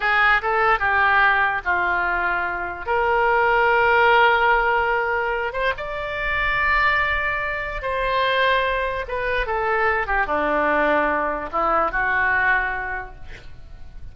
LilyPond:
\new Staff \with { instrumentName = "oboe" } { \time 4/4 \tempo 4 = 146 gis'4 a'4 g'2 | f'2. ais'4~ | ais'1~ | ais'4. c''8 d''2~ |
d''2. c''4~ | c''2 b'4 a'4~ | a'8 g'8 d'2. | e'4 fis'2. | }